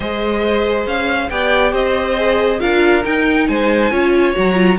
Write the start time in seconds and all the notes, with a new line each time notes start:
0.00 G#3 G#4 C5 D#5
0.86 C#4 F5
1.29 B3 G4 D5 G5
1.72 C4 C5 D#5
2.16 G#4
2.59 D4 F4 A#4 F5
3.03 D#4 G5
3.47 G#3 C5 G#5
3.90 C#4 F4 C#5
4.33 F#3 F#4 A#5
4.54 F4